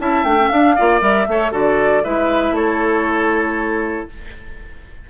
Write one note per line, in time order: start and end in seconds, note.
0.00 0.24 C#4
0.00 0.26 E4
0.00 0.76 E5
0.00 0.24 A5
0.24 0.50 A3
0.24 0.38 D4
0.24 0.49 G5
0.39 0.51 C#4
0.49 0.77 D4
0.49 1.00 F5
0.76 1.02 A#3
0.76 1.00 F4
0.76 1.27 D5
1.00 1.27 G3
1.00 1.26 A#4
1.00 1.53 E5
1.28 1.52 A3
1.28 1.52 A4
1.28 1.52 C#5
1.52 2.03 D3
1.52 2.03 F#4
1.52 2.03 A4
1.52 2.04 D5
2.04 2.52 G#3
2.04 4.09 E4
2.04 2.56 B4
2.04 2.56 E5
2.52 4.06 A3
2.52 4.10 A4
2.52 4.10 C#5